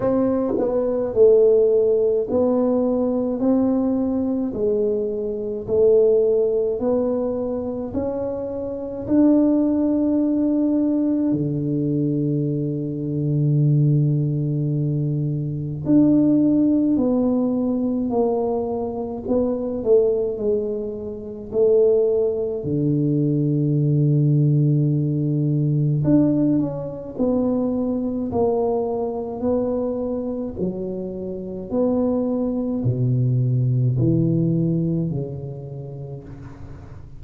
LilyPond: \new Staff \with { instrumentName = "tuba" } { \time 4/4 \tempo 4 = 53 c'8 b8 a4 b4 c'4 | gis4 a4 b4 cis'4 | d'2 d2~ | d2 d'4 b4 |
ais4 b8 a8 gis4 a4 | d2. d'8 cis'8 | b4 ais4 b4 fis4 | b4 b,4 e4 cis4 | }